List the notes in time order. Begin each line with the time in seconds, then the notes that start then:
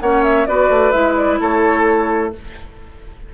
0.00 A#3 C#4 C#5 F#5
0.23 E5
0.46 B3 F#4 B4 D5
0.69 A3
0.91 G#3 E4 E5
1.16 D5
1.40 A3 A4 C#5